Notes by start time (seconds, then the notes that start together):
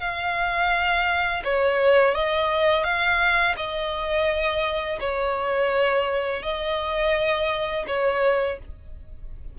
0.00 F5
1.44 C#5
2.14 D#5
2.83 F5
3.56 D#5
5.00 C#5
6.42 D#5
7.87 C#5